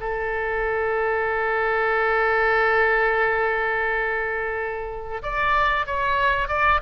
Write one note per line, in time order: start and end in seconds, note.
0.00 5.22 A4
5.22 5.86 D5
5.86 6.48 C#5
6.48 6.81 D5